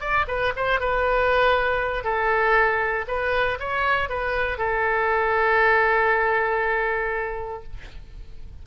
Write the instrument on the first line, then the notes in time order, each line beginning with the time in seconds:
oboe
0.00 D5
0.27 B4
0.56 C5
0.80 B4
2.04 A4
3.07 B4
3.59 C#5
4.09 B4
4.58 A4